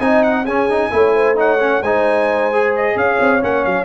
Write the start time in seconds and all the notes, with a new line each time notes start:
0.00 C4 D#4 D#5 G#5
0.23 F#5
0.45 C#4 G#4 G#5
0.70 D#4
0.91 A3 E4 C#5
1.15 C5
1.36 D#4 C#5 F#5
1.59 C#4
1.82 G#3 D#4 C5 G#5
2.53 G#4
2.75 D#5
2.96 C#4 C#5 F5
3.20 C4
3.41 A#3 C#4 F#5
3.64 F#3 F5